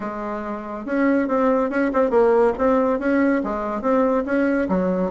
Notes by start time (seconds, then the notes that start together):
0.00 G#3
0.85 C#4
1.28 C4
1.70 C#4
1.93 C4
2.10 A#3
2.57 C4
2.99 C#4
3.43 G#3
3.81 C4
4.25 C#4
4.68 F#3